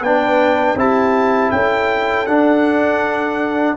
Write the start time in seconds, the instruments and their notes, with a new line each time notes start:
0.00 tuba B3, trombone D4, horn B4, trumpet G5
0.75 tuba C4, trombone E4, horn G4, trumpet A5
1.51 tuba C#4, horn A4, trumpet G5
2.26 tuba D4, trombone D4, trumpet F#5